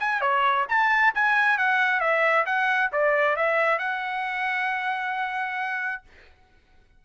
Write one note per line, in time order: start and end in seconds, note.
0.00 0.21 G#5
0.21 0.66 C#5
0.69 1.14 A5
1.15 1.58 G#5
1.58 2.00 F#5
2.00 2.45 E5
2.46 2.91 F#5
2.92 3.36 D5
3.36 3.79 E5
3.79 6.03 F#5